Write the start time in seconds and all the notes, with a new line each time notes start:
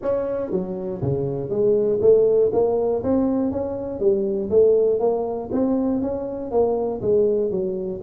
0.01 C#4
0.50 F#3
1.01 C#3
1.49 G#3
2.01 A3
2.52 A#3
3.03 C4
3.51 C#4
3.99 G3
4.50 A3
4.99 A#3
5.51 C4
6.01 C#4
6.51 A#3
7.01 G#3
7.50 F#3